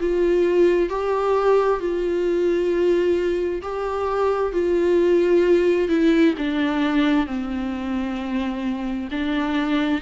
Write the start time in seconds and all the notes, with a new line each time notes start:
0.00 F4
0.89 G4
1.80 F4
3.62 G4
4.52 F4
5.88 E4
6.38 D4
7.26 C4
9.11 D4